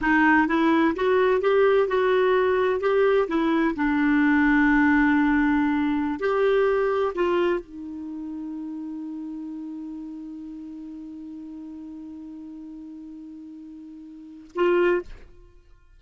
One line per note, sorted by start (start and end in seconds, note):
0.01 0.47 D#4
0.47 0.94 E4
0.95 1.41 F#4
1.41 1.87 G4
1.87 2.80 F#4
2.80 3.27 G4
3.27 3.74 E4
3.75 6.19 D4
6.19 7.13 G4
7.14 7.60 F4
7.60 14.51 D#4
14.55 15.02 F4